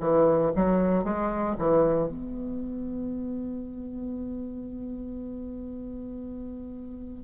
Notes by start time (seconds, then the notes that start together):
0.00 E3
0.55 F#3
1.04 G#3
1.58 E3
2.08 B3